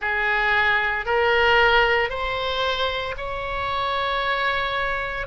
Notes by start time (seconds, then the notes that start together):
0.01 G#4
1.05 A#4
2.09 C5
3.17 C#5